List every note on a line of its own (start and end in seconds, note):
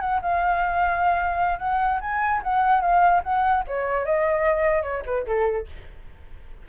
0.00 0.20 F#5
0.21 1.59 F5
1.59 1.99 F#5
2.01 2.41 G#5
2.43 2.81 F#5
2.81 3.22 F5
3.23 3.64 F#5
3.67 4.05 C#5
4.05 4.82 D#5
4.82 5.03 C#5
5.05 5.26 B4
5.26 5.67 A4